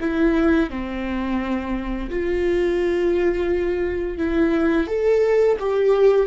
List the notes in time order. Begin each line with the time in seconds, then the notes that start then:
0.00 E4
0.70 C4
2.10 F4
4.17 E4
4.87 A4
5.59 G4